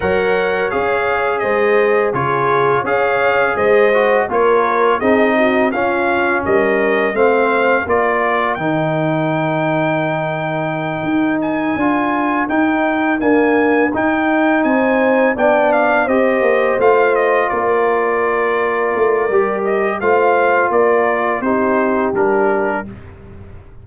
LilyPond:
<<
  \new Staff \with { instrumentName = "trumpet" } { \time 4/4 \tempo 4 = 84 fis''4 f''4 dis''4 cis''4 | f''4 dis''4 cis''4 dis''4 | f''4 dis''4 f''4 d''4 | g''1 |
gis''4. g''4 gis''4 g''8~ | g''8 gis''4 g''8 f''8 dis''4 f''8 | dis''8 d''2. dis''8 | f''4 d''4 c''4 ais'4 | }
  \new Staff \with { instrumentName = "horn" } { \time 4/4 cis''2 c''4 gis'4 | cis''4 c''4 ais'4 gis'8 fis'8 | f'4 ais'4 c''4 ais'4~ | ais'1~ |
ais'1~ | ais'8 c''4 d''4 c''4.~ | c''8 ais'2.~ ais'8 | c''4 ais'4 g'2 | }
  \new Staff \with { instrumentName = "trombone" } { \time 4/4 ais'4 gis'2 f'4 | gis'4. fis'8 f'4 dis'4 | cis'2 c'4 f'4 | dis'1~ |
dis'8 f'4 dis'4 ais4 dis'8~ | dis'4. d'4 g'4 f'8~ | f'2. g'4 | f'2 dis'4 d'4 | }
  \new Staff \with { instrumentName = "tuba" } { \time 4/4 fis4 cis'4 gis4 cis4 | cis'4 gis4 ais4 c'4 | cis'4 g4 a4 ais4 | dis2.~ dis8 dis'8~ |
dis'8 d'4 dis'4 d'4 dis'8~ | dis'8 c'4 b4 c'8 ais8 a8~ | a8 ais2 a8 g4 | a4 ais4 c'4 g4 | }
>>